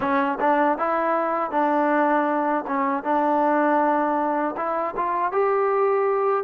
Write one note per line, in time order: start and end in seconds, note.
0.00 0.38 C#4
0.40 0.78 D4
0.78 1.51 E4
1.51 2.64 D4
2.67 3.03 C#4
3.03 4.55 D4
4.56 4.94 E4
4.96 5.32 F4
5.32 6.44 G4